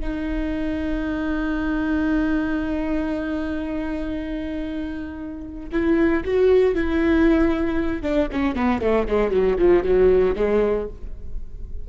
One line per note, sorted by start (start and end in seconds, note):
0.00 5.69 D#4
5.72 6.23 E4
6.24 6.75 F#4
6.75 8.02 E4
8.02 8.28 D4
8.32 8.55 C#4
8.55 8.81 B3
8.81 9.07 A3
9.08 9.31 G#3
9.31 9.57 F#3
9.58 9.83 F3
9.83 10.35 F#3
10.36 10.87 G#3